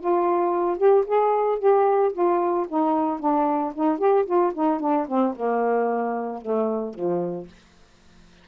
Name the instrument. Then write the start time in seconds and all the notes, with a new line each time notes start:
saxophone
0.00 F4
0.78 G4
1.07 G#4
1.59 G4
2.13 F4
2.69 D#4
3.19 D4
3.75 D#4
3.98 G4
4.26 F4
4.54 D#4
4.80 D4
5.08 C4
5.36 A#3
6.42 A3
6.94 F3